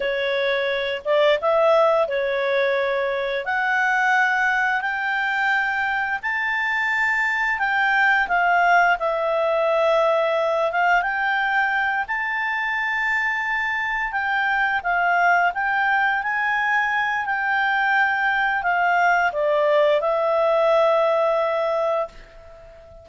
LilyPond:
\new Staff \with { instrumentName = "clarinet" } { \time 4/4 \tempo 4 = 87 cis''4. d''8 e''4 cis''4~ | cis''4 fis''2 g''4~ | g''4 a''2 g''4 | f''4 e''2~ e''8 f''8 |
g''4. a''2~ a''8~ | a''8 g''4 f''4 g''4 gis''8~ | gis''4 g''2 f''4 | d''4 e''2. | }